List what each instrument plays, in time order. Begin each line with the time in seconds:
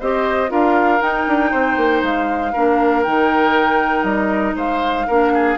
0.00 bassoon C4, clarinet G4, oboe C5, flute D#5
0.49 bassoon D4, clarinet F4, oboe A#4, flute F5
0.99 clarinet D#4, bassoon D#4, flute G5
1.27 bassoon D4
1.51 bassoon C4, oboe C5
1.77 bassoon A#3
2.03 bassoon G#3, flute F5
2.53 bassoon A#3, clarinet D4, oboe A#4
3.03 bassoon D#3, clarinet D#4, flute G5
4.03 bassoon G3, flute D#5
4.56 bassoon G#3, oboe C5, flute F5
5.07 bassoon A#3, clarinet D4, oboe A#4
5.34 oboe G#4